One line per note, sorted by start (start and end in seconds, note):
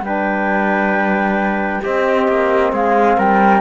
0.00 1.79 G3
0.00 1.83 D4
0.00 1.82 B4
0.00 1.83 G5
1.82 3.60 C4
1.82 2.27 C4
1.82 2.71 G4
1.82 2.73 D#5
2.27 2.72 A#3
2.72 3.17 G#3
2.72 3.16 G#4
2.72 3.18 F5
3.17 3.60 G3
3.17 3.60 A#4
3.17 3.60 G5